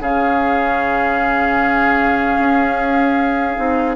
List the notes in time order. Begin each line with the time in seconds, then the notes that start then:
0.00 C#3 C#4 G#4 F5
2.38 C#4
3.57 C4 D#4